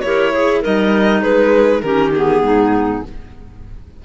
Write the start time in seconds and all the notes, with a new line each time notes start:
0.00 E4 G4 A#4 C#5
0.32 G#4
0.61 G3 D#4 A#4 D#5
1.21 G#3 G#4 B4
1.81 D#3 C#4 G4 A#4
2.14 B3 G#4
2.42 G#2 D#4